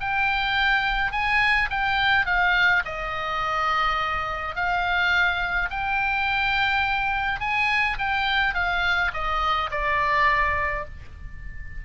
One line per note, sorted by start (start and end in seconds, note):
0.00 1.12 G5
1.12 1.69 G#5
1.70 2.26 G5
2.26 2.83 F5
2.85 4.55 D#5
4.55 5.70 F5
5.70 7.40 G5
7.40 7.97 G#5
7.98 8.54 G5
8.54 9.11 F5
9.13 9.70 D#5
9.71 10.85 D5